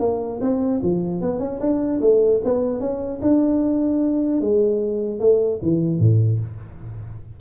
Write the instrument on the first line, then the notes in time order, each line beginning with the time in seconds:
tuba
0.00 A#3
0.41 C4
0.83 F3
1.22 B3
1.40 C#4
1.61 D4
2.01 A3
2.44 B3
2.81 C#4
3.22 D4
4.41 G#3
5.20 A3
5.62 E3
6.00 A2